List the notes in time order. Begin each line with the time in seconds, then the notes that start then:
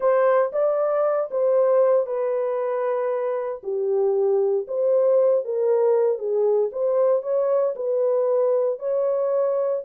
0.00 C5
0.52 D5
1.30 C5
2.06 B4
3.63 G4
4.67 C5
5.45 A#4
6.18 G#4
6.72 C5
7.22 C#5
7.75 B4
8.79 C#5